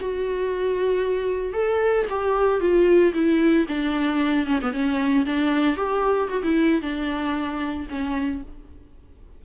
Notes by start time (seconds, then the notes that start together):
0.00 F#4
1.53 A4
2.09 G4
2.60 F4
3.13 E4
3.67 D4
4.46 C#4
4.61 B3
4.72 C#4
5.25 D4
5.76 G4
6.29 F#4
6.43 E4
6.81 D4
7.89 C#4